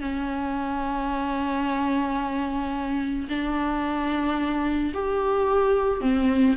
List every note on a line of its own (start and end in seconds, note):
0.00 3.27 C#4
3.29 4.92 D4
4.94 6.01 G4
6.01 6.55 C4